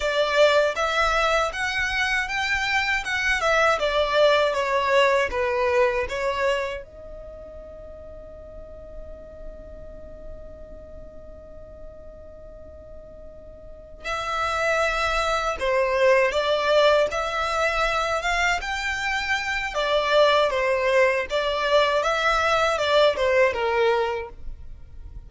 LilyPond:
\new Staff \with { instrumentName = "violin" } { \time 4/4 \tempo 4 = 79 d''4 e''4 fis''4 g''4 | fis''8 e''8 d''4 cis''4 b'4 | cis''4 dis''2.~ | dis''1~ |
dis''2~ dis''8 e''4.~ | e''8 c''4 d''4 e''4. | f''8 g''4. d''4 c''4 | d''4 e''4 d''8 c''8 ais'4 | }